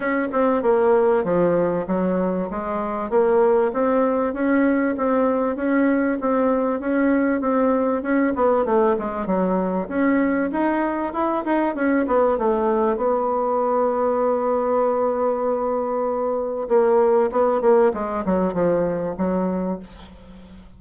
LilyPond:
\new Staff \with { instrumentName = "bassoon" } { \time 4/4 \tempo 4 = 97 cis'8 c'8 ais4 f4 fis4 | gis4 ais4 c'4 cis'4 | c'4 cis'4 c'4 cis'4 | c'4 cis'8 b8 a8 gis8 fis4 |
cis'4 dis'4 e'8 dis'8 cis'8 b8 | a4 b2.~ | b2. ais4 | b8 ais8 gis8 fis8 f4 fis4 | }